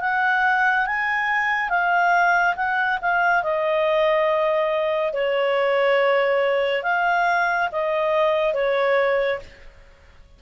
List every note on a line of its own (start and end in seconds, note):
0.00 0.86 F#5
0.86 1.69 G#5
1.69 2.55 F5
2.56 2.98 F#5
3.02 3.43 F5
3.43 5.13 D#5
5.13 6.83 C#5
6.83 7.69 F5
7.71 8.54 D#5
8.54 9.39 C#5